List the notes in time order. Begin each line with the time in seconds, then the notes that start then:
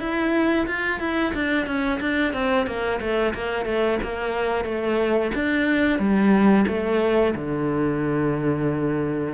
0.00 E4
0.67 F4
1.00 E4
1.34 D4
1.67 C#4
2.01 D4
2.34 C4
2.67 A#3
3.01 A3
3.35 A#3
3.65 A3
4.03 A#3
4.65 A3
5.35 D4
5.99 G3
6.68 A3
7.35 D3